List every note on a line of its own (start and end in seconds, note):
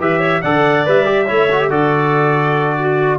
0.00 0.43 E3
0.00 0.43 G4
0.00 0.20 B4
0.00 0.42 E5
0.20 0.41 C#5
0.42 0.87 D3
0.42 0.86 A4
0.42 1.26 D5
0.42 0.85 F#5
0.86 1.30 G3
0.86 1.05 B4
0.86 1.71 E5
1.05 1.26 G4
1.26 1.70 A3
1.26 1.49 E4
1.26 1.69 C#5
1.52 1.61 F#4
1.61 1.71 G4
1.70 3.19 D3
1.70 3.19 F#4
1.70 2.77 A4
1.70 3.19 D5
2.79 3.19 F#4